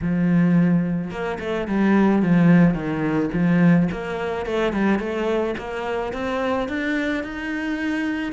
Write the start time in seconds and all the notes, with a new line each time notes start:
0.02 F3
1.10 A#3
1.39 A3
1.67 G3
2.22 F3
2.73 D#3
3.33 F3
3.91 A#3
4.46 A3
4.72 G3
4.99 A3
5.58 A#3
6.12 C4
6.68 D4
7.23 D#4